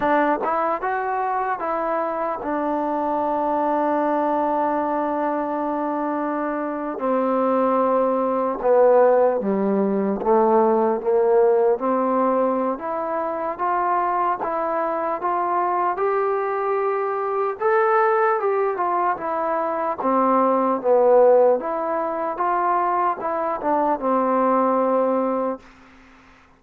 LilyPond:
\new Staff \with { instrumentName = "trombone" } { \time 4/4 \tempo 4 = 75 d'8 e'8 fis'4 e'4 d'4~ | d'1~ | d'8. c'2 b4 g16~ | g8. a4 ais4 c'4~ c'16 |
e'4 f'4 e'4 f'4 | g'2 a'4 g'8 f'8 | e'4 c'4 b4 e'4 | f'4 e'8 d'8 c'2 | }